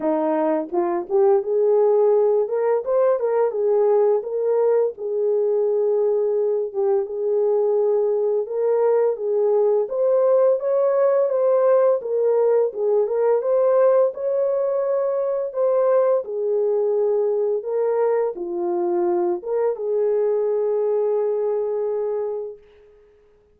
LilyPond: \new Staff \with { instrumentName = "horn" } { \time 4/4 \tempo 4 = 85 dis'4 f'8 g'8 gis'4. ais'8 | c''8 ais'8 gis'4 ais'4 gis'4~ | gis'4. g'8 gis'2 | ais'4 gis'4 c''4 cis''4 |
c''4 ais'4 gis'8 ais'8 c''4 | cis''2 c''4 gis'4~ | gis'4 ais'4 f'4. ais'8 | gis'1 | }